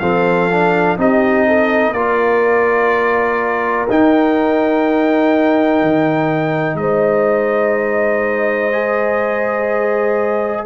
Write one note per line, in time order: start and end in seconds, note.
0.00 0.98 F3
0.00 0.51 C4
0.00 0.99 A4
0.00 0.97 F5
0.51 0.98 D4
0.98 1.94 C4
0.98 1.95 D#4
0.98 1.48 G4
0.98 1.93 D#5
1.48 1.93 A4
1.93 3.87 A#3
1.93 3.89 F4
1.93 6.77 A#4
1.93 3.87 D5
3.90 5.82 D#4
3.90 8.73 D#4
3.90 6.77 G5
5.82 6.75 D#3
6.75 10.62 G#3
6.75 10.66 C5
6.75 10.64 D#5
8.73 10.66 G#4